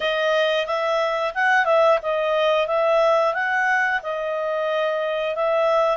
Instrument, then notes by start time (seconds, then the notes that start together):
clarinet
0.00 D#5
0.66 E5
1.34 F#5
1.65 E5
2.02 D#5
2.67 E5
3.34 F#5
4.02 D#5
5.35 E5